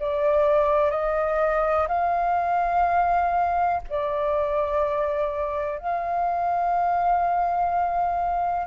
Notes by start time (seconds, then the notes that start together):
0.00 D5
0.91 D#5
1.88 F5
3.89 D5
5.79 F5